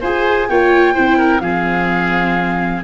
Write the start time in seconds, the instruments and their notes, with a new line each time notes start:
0.00 tuba F4, viola G#4, oboe C5, flute G#5
0.49 tuba A#3, viola F4, oboe C#5, flute G5
0.94 tuba C4, viola E4, oboe C5
1.17 oboe A#4
1.40 tuba F3, viola C4, oboe G#4, flute F5